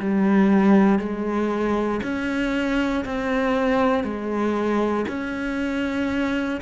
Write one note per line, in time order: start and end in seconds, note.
0.00 0.99 G3
0.99 2.01 G#3
2.03 3.05 C#4
3.05 4.04 C4
4.04 5.05 G#3
5.08 6.61 C#4